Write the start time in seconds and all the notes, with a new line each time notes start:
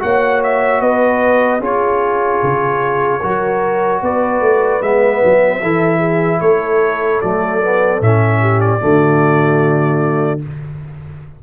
0.00 A#3 F#4 C#5 F#5
0.44 E5
0.81 B3 B4 D#5
1.60 C#4 F4 G#4 C#5
2.43 C#3
3.22 F#3 F#4 A#4
4.02 B3 B4 D5
4.41 A3
4.82 G#3 B3 E5
5.25 F#3
5.62 E3 E4 A4
5.99 G#4
6.41 A3 A4 C#5
7.21 F#3 A3 D5
7.62 B3
8.01 A2 C#4 E5
8.41 G4
8.61 D5
8.80 D3 A3 F#4